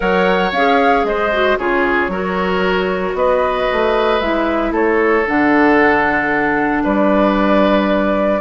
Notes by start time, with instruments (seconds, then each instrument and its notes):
0.00 bassoon F#3, clarinet A#4, oboe C#5, flute F#5
0.51 bassoon C#4, clarinet G#4, flute F5
1.04 bassoon G#3, oboe C5, flute D#5
1.32 clarinet F#4
1.58 bassoon C#3, clarinet F4, oboe G#4, flute C#5
2.08 bassoon F#3, clarinet F#4, oboe A#4
3.14 bassoon B3, oboe B4, flute D#5
3.72 bassoon A3
4.20 bassoon G#3, clarinet E4, flute E5
4.71 bassoon A3, oboe A4, flute C#5
5.25 bassoon D3, clarinet D4, flute F#5
6.83 bassoon G3, oboe B4, flute D5